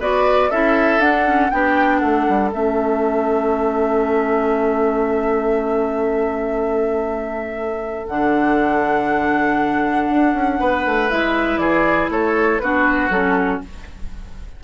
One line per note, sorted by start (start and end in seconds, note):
0.00 0.50 B3
0.00 0.51 F#4
0.00 0.50 B4
0.00 0.51 D5
0.50 0.99 C#4
0.50 1.01 E4
0.50 1.51 A4
0.50 1.01 E5
0.99 1.50 D4
0.99 1.27 D4
0.99 1.51 F#5
1.27 1.52 C#4
1.51 2.02 B3
1.51 2.52 D4
1.51 2.01 G4
1.51 1.99 G5
1.99 2.27 A3
1.99 10.58 A4
1.99 2.50 F#5
2.29 2.53 G3
2.52 8.08 A3
2.52 8.07 C#4
2.52 8.07 E5
8.07 10.10 D3
8.07 11.10 D4
8.07 11.10 F#5
10.10 10.34 D4
10.34 10.59 C#4
10.60 10.86 B3
10.60 11.61 B4
10.86 11.11 A3
11.10 11.58 G#3
11.10 12.62 E4
11.10 11.58 E5
11.58 12.08 E3
11.58 12.11 G#4
11.58 12.08 D5
12.10 12.61 A3
12.10 12.62 A4
12.10 12.60 C#5
12.60 13.10 B3
12.60 13.12 D4
12.60 13.64 F#4
12.60 13.10 B4
13.10 13.61 F#3
13.10 13.64 C#4
13.10 13.62 A4